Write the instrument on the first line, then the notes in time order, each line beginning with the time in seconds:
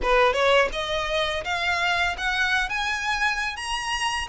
violin
0.02 B4
0.33 C#5
0.72 D#5
1.44 F5
2.17 F#5
2.69 G#5
3.56 A#5